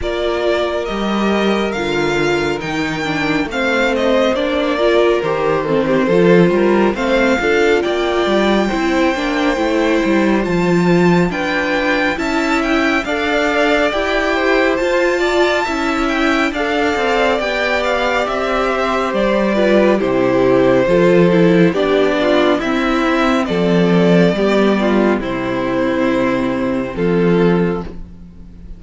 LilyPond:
<<
  \new Staff \with { instrumentName = "violin" } { \time 4/4 \tempo 4 = 69 d''4 dis''4 f''4 g''4 | f''8 dis''8 d''4 c''2 | f''4 g''2. | a''4 g''4 a''8 g''8 f''4 |
g''4 a''4. g''8 f''4 | g''8 f''8 e''4 d''4 c''4~ | c''4 d''4 e''4 d''4~ | d''4 c''2 a'4 | }
  \new Staff \with { instrumentName = "violin" } { \time 4/4 ais'1 | c''4. ais'4 a'16 g'16 a'8 ais'8 | c''8 a'8 d''4 c''2~ | c''4 b'4 e''4 d''4~ |
d''8 c''4 d''8 e''4 d''4~ | d''4. c''4 b'8 g'4 | a'4 g'8 f'8 e'4 a'4 | g'8 f'8 e'2 f'4 | }
  \new Staff \with { instrumentName = "viola" } { \time 4/4 f'4 g'4 f'4 dis'8 d'8 | c'4 d'8 f'8 g'8 c'8 f'4 | c'8 f'4. e'8 d'8 e'4 | f'4 d'4 e'4 a'4 |
g'4 f'4 e'4 a'4 | g'2~ g'8 f'8 e'4 | f'8 e'8 d'4 c'2 | b4 c'2. | }
  \new Staff \with { instrumentName = "cello" } { \time 4/4 ais4 g4 d4 dis4 | a4 ais4 dis4 f8 g8 | a8 d'8 ais8 g8 c'8 ais8 a8 g8 | f4 f'4 cis'4 d'4 |
e'4 f'4 cis'4 d'8 c'8 | b4 c'4 g4 c4 | f4 b4 c'4 f4 | g4 c2 f4 | }
>>